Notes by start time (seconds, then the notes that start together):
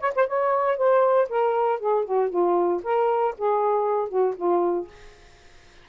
0.00 C#5
0.15 C5
0.27 C#5
0.77 C5
1.29 A#4
1.79 G#4
2.05 F#4
2.29 F4
2.83 A#4
3.38 G#4
4.08 F#4
4.36 F4